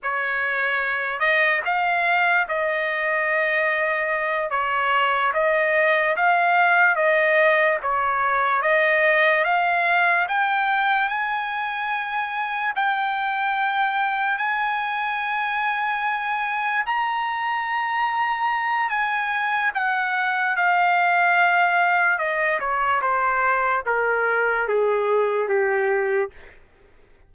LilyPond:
\new Staff \with { instrumentName = "trumpet" } { \time 4/4 \tempo 4 = 73 cis''4. dis''8 f''4 dis''4~ | dis''4. cis''4 dis''4 f''8~ | f''8 dis''4 cis''4 dis''4 f''8~ | f''8 g''4 gis''2 g''8~ |
g''4. gis''2~ gis''8~ | gis''8 ais''2~ ais''8 gis''4 | fis''4 f''2 dis''8 cis''8 | c''4 ais'4 gis'4 g'4 | }